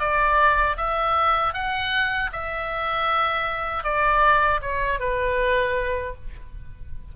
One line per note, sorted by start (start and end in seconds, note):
0.00 0.77 D5
0.77 1.54 E5
1.54 2.31 F#5
2.33 3.84 E5
3.84 4.61 D5
4.62 5.00 C#5
5.00 6.15 B4